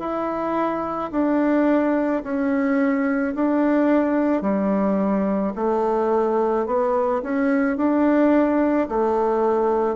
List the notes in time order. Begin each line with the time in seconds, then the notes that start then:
0.00 E4
1.12 D4
2.24 C#4
3.35 D4
4.42 G3
5.56 A3
6.67 B3
7.23 C#4
7.78 D4
8.89 A3